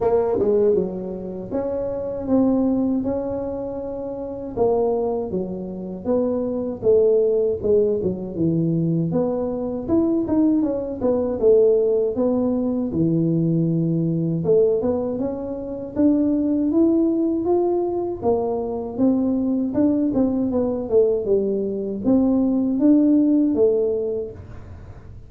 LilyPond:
\new Staff \with { instrumentName = "tuba" } { \time 4/4 \tempo 4 = 79 ais8 gis8 fis4 cis'4 c'4 | cis'2 ais4 fis4 | b4 a4 gis8 fis8 e4 | b4 e'8 dis'8 cis'8 b8 a4 |
b4 e2 a8 b8 | cis'4 d'4 e'4 f'4 | ais4 c'4 d'8 c'8 b8 a8 | g4 c'4 d'4 a4 | }